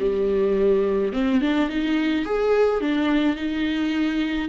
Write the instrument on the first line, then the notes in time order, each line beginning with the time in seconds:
viola
0.00 G3
1.13 C4
1.41 D4
1.69 D#4
2.25 G#4
2.81 D4
3.36 D#4